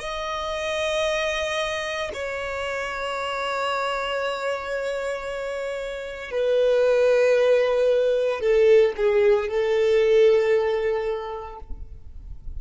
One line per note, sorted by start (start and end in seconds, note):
0.00 2.11 D#5
2.14 6.32 C#5
6.32 8.41 B4
8.41 8.93 A4
8.97 9.49 G#4
9.49 11.59 A4